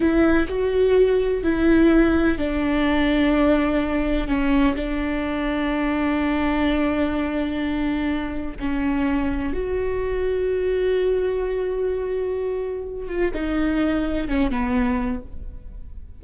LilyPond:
\new Staff \with { instrumentName = "viola" } { \time 4/4 \tempo 4 = 126 e'4 fis'2 e'4~ | e'4 d'2.~ | d'4 cis'4 d'2~ | d'1~ |
d'2 cis'2 | fis'1~ | fis'2.~ fis'8 f'8 | dis'2 cis'8 b4. | }